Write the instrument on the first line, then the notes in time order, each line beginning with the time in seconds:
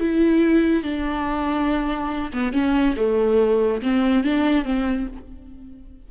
viola
0.00 E4
0.83 D4
2.33 B3
2.53 C#4
2.97 A3
3.82 C4
4.24 D4
4.65 C4